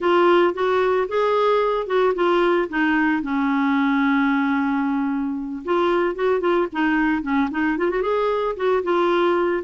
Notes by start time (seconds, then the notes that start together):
0.00 F4
0.54 F#4
1.08 G#4
1.87 F#4
2.14 F4
2.69 D#4
3.22 C#4
5.64 F4
6.15 F#4
6.40 F4
6.72 D#4
7.22 C#4
7.50 D#4
7.77 F4
7.90 F#4
8.02 G#4
8.56 F#4
8.83 F4